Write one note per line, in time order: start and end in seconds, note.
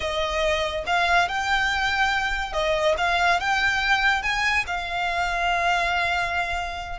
0.00 0.84 D#5
0.86 1.28 F5
1.28 2.52 G5
2.52 2.95 D#5
2.97 3.40 F5
3.40 4.22 G5
4.22 4.64 G#5
4.67 6.99 F5